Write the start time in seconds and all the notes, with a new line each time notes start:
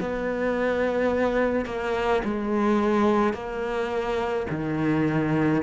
0.00 B3
1.66 A#3
2.24 G#3
3.33 A#3
4.50 D#3